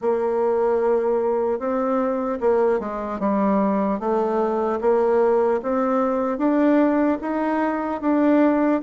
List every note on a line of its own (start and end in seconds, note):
0.01 1.59 A#3
1.59 2.39 C4
2.40 2.79 A#3
2.79 3.19 G#3
3.19 3.99 G3
3.99 4.79 A3
4.80 5.60 A#3
5.62 6.38 C4
6.38 7.18 D4
7.21 8.01 D#4
8.01 8.81 D4